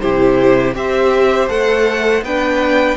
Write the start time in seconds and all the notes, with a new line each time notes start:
0.00 C3 E4 G4 C5
0.74 C4 G4 C5 E5
1.48 A3 A4 F#5
2.22 B3 D4 B4 G5